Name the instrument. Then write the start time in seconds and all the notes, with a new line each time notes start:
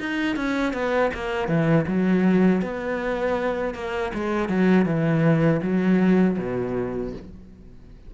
cello
0.00 D#4
0.36 C#4
0.73 B3
1.14 A#3
1.48 E3
1.88 F#3
2.62 B3
3.75 A#3
4.14 G#3
4.49 F#3
4.86 E3
5.62 F#3
6.38 B2